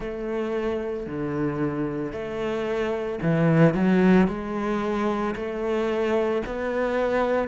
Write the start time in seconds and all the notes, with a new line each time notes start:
0.00 A3
1.06 D3
2.12 A3
3.21 E3
3.74 F#3
4.27 G#3
5.35 A3
6.46 B3